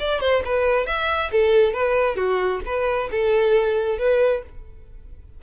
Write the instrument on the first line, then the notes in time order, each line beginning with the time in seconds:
violin
0.00 D5
0.21 C5
0.45 B4
0.87 E5
1.32 A4
1.73 B4
2.17 F#4
2.66 B4
3.11 A4
3.99 B4